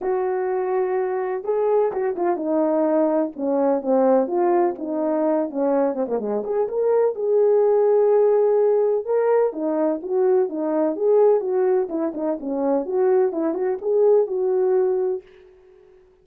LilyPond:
\new Staff \with { instrumentName = "horn" } { \time 4/4 \tempo 4 = 126 fis'2. gis'4 | fis'8 f'8 dis'2 cis'4 | c'4 f'4 dis'4. cis'8~ | cis'8 c'16 ais16 gis8 gis'8 ais'4 gis'4~ |
gis'2. ais'4 | dis'4 fis'4 dis'4 gis'4 | fis'4 e'8 dis'8 cis'4 fis'4 | e'8 fis'8 gis'4 fis'2 | }